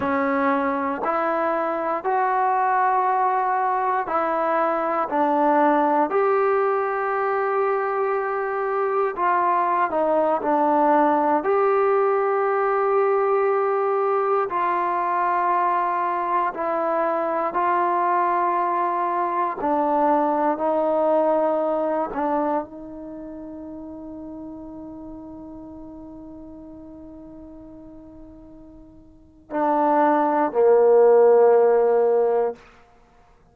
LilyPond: \new Staff \with { instrumentName = "trombone" } { \time 4/4 \tempo 4 = 59 cis'4 e'4 fis'2 | e'4 d'4 g'2~ | g'4 f'8. dis'8 d'4 g'8.~ | g'2~ g'16 f'4.~ f'16~ |
f'16 e'4 f'2 d'8.~ | d'16 dis'4. d'8 dis'4.~ dis'16~ | dis'1~ | dis'4 d'4 ais2 | }